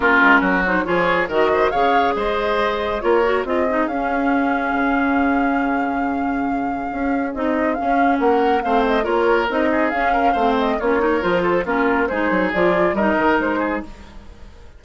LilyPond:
<<
  \new Staff \with { instrumentName = "flute" } { \time 4/4 \tempo 4 = 139 ais'4. c''8 cis''4 dis''4 | f''4 dis''2 cis''4 | dis''4 f''2.~ | f''1~ |
f''4 dis''4 f''4 fis''4 | f''8 dis''8 cis''4 dis''4 f''4~ | f''8 dis''8 cis''4 c''4 ais'4 | c''4 d''4 dis''4 c''4 | }
  \new Staff \with { instrumentName = "oboe" } { \time 4/4 f'4 fis'4 gis'4 ais'8 c''8 | cis''4 c''2 ais'4 | gis'1~ | gis'1~ |
gis'2. ais'4 | c''4 ais'4. gis'4 ais'8 | c''4 f'8 ais'4 a'8 f'4 | gis'2 ais'4. gis'8 | }
  \new Staff \with { instrumentName = "clarinet" } { \time 4/4 cis'4. dis'8 f'4 fis'4 | gis'2. f'8 fis'8 | f'8 dis'8 cis'2.~ | cis'1~ |
cis'4 dis'4 cis'2 | c'4 f'4 dis'4 cis'4 | c'4 cis'8 dis'8 f'4 cis'4 | dis'4 f'4 dis'2 | }
  \new Staff \with { instrumentName = "bassoon" } { \time 4/4 ais8 gis8 fis4 f4 dis4 | cis4 gis2 ais4 | c'4 cis'2 cis4~ | cis1 |
cis'4 c'4 cis'4 ais4 | a4 ais4 c'4 cis'4 | a4 ais4 f4 ais4 | gis8 fis8 f4 g8 dis8 gis4 | }
>>